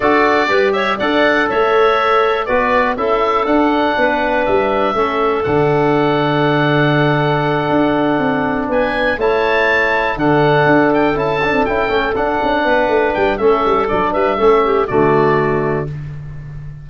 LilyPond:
<<
  \new Staff \with { instrumentName = "oboe" } { \time 4/4 \tempo 4 = 121 d''4. e''8 fis''4 e''4~ | e''4 d''4 e''4 fis''4~ | fis''4 e''2 fis''4~ | fis''1~ |
fis''4. gis''4 a''4.~ | a''8 fis''4. g''8 a''4 g''8~ | g''8 fis''2 g''8 e''4 | d''8 e''4. d''2 | }
  \new Staff \with { instrumentName = "clarinet" } { \time 4/4 a'4 b'8 cis''8 d''4 cis''4~ | cis''4 b'4 a'2 | b'2 a'2~ | a'1~ |
a'4. b'4 cis''4.~ | cis''8 a'2.~ a'8~ | a'4. b'4. a'4~ | a'8 b'8 a'8 g'8 fis'2 | }
  \new Staff \with { instrumentName = "trombone" } { \time 4/4 fis'4 g'4 a'2~ | a'4 fis'4 e'4 d'4~ | d'2 cis'4 d'4~ | d'1~ |
d'2~ d'8 e'4.~ | e'8 d'2 e'8 d'8 e'8 | cis'8 d'2~ d'8 cis'4 | d'4 cis'4 a2 | }
  \new Staff \with { instrumentName = "tuba" } { \time 4/4 d'4 g4 d'4 a4~ | a4 b4 cis'4 d'4 | b4 g4 a4 d4~ | d2.~ d8 d'8~ |
d'8 c'4 b4 a4.~ | a8 d4 d'4 cis'8. c'16 cis'8 | a8 d'8 cis'8 b8 a8 g8 a8 g8 | fis8 g8 a4 d2 | }
>>